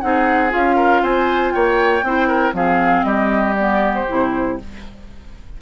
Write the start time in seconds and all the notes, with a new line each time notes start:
0.00 C4 D#4 G#4 F#5
0.50 C#4 F4 F5
0.76 A#4
1.02 C4 C5 G#5
1.52 A#3 C#5 G5
2.02 C4 E4 C5
2.28 A#4
2.53 F3 C4 G#4 F5
3.03 G3 G4 D#5
3.55 B3 D5
3.94 C5
4.08 C3 E4